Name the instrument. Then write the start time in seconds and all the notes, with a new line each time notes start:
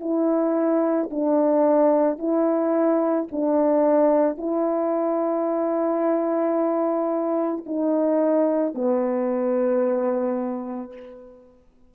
horn
0.00 E4
1.11 D4
2.19 E4
3.32 D4
4.37 E4
7.66 D#4
8.75 B3